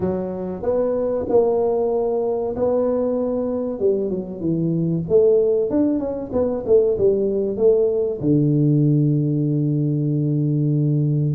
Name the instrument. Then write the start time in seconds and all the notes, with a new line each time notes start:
tuba
0.00 F#3
0.62 B3
1.29 A#3
2.56 B3
3.79 G3
4.10 F#3
4.40 E3
5.08 A3
5.70 D4
5.99 C#4
6.32 B3
6.66 A3
6.98 G3
7.56 A3
8.20 D3